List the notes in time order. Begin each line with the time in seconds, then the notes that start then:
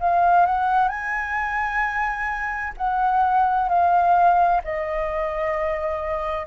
0.00 F5
0.46 F#5
0.89 G#5
2.77 F#5
3.69 F5
4.64 D#5